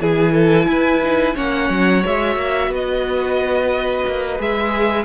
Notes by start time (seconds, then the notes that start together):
0.00 E3 E4 G#4 G#5
0.32 A4
0.68 E4 B4
1.03 D#4
1.35 A#3 C#4 C#5 F#5
1.70 F#3
2.04 G#3 F#4 E5
2.36 A#3
2.67 B3 B4
2.74 D#5
4.07 A#3
4.39 G#3 G#4 E5